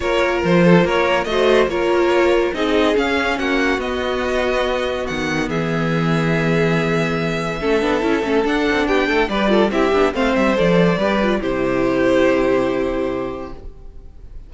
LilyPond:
<<
  \new Staff \with { instrumentName = "violin" } { \time 4/4 \tempo 4 = 142 cis''4 c''4 cis''4 dis''4 | cis''2 dis''4 f''4 | fis''4 dis''2. | fis''4 e''2.~ |
e''1 | fis''4 g''4 d''4 e''4 | f''8 e''8 d''2 c''4~ | c''1 | }
  \new Staff \with { instrumentName = "violin" } { \time 4/4 ais'4. a'8 ais'4 c''4 | ais'2 gis'2 | fis'1~ | fis'4 gis'2.~ |
gis'2 a'2~ | a'4 g'8 a'8 b'8 a'8 g'4 | c''2 b'4 g'4~ | g'1 | }
  \new Staff \with { instrumentName = "viola" } { \time 4/4 f'2. fis'4 | f'2 dis'4 cis'4~ | cis'4 b2.~ | b1~ |
b2 cis'8 d'8 e'8 cis'8 | d'2 g'8 f'8 e'8 d'8 | c'4 a'4 g'8 f'8 e'4~ | e'1 | }
  \new Staff \with { instrumentName = "cello" } { \time 4/4 ais4 f4 ais4 a4 | ais2 c'4 cis'4 | ais4 b2. | dis4 e2.~ |
e2 a8 b8 cis'8 a8 | d'8 c'8 b8 a8 g4 c'8 b8 | a8 g8 f4 g4 c4~ | c1 | }
>>